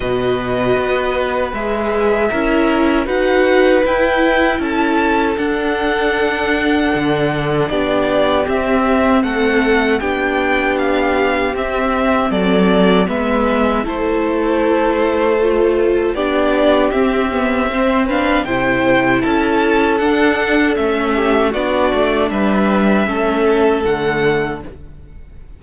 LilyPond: <<
  \new Staff \with { instrumentName = "violin" } { \time 4/4 \tempo 4 = 78 dis''2 e''2 | fis''4 g''4 a''4 fis''4~ | fis''2 d''4 e''4 | fis''4 g''4 f''4 e''4 |
d''4 e''4 c''2~ | c''4 d''4 e''4. f''8 | g''4 a''4 fis''4 e''4 | d''4 e''2 fis''4 | }
  \new Staff \with { instrumentName = "violin" } { \time 4/4 b'2. ais'4 | b'2 a'2~ | a'2 g'2 | a'4 g'2. |
a'4 b'4 a'2~ | a'4 g'2 c''8 b'8 | c''4 a'2~ a'8 g'8 | fis'4 b'4 a'2 | }
  \new Staff \with { instrumentName = "viola" } { \time 4/4 fis'2 gis'4 e'4 | fis'4 e'2 d'4~ | d'2. c'4~ | c'4 d'2 c'4~ |
c'4 b4 e'2 | f'4 d'4 c'8 b8 c'8 d'8 | e'2 d'4 cis'4 | d'2 cis'4 a4 | }
  \new Staff \with { instrumentName = "cello" } { \time 4/4 b,4 b4 gis4 cis'4 | dis'4 e'4 cis'4 d'4~ | d'4 d4 b4 c'4 | a4 b2 c'4 |
fis4 gis4 a2~ | a4 b4 c'2 | c4 cis'4 d'4 a4 | b8 a8 g4 a4 d4 | }
>>